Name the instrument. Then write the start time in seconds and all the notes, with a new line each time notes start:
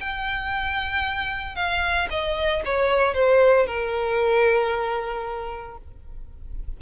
violin
0.00 G5
1.55 F5
2.10 D#5
2.65 C#5
3.14 C5
3.66 A#4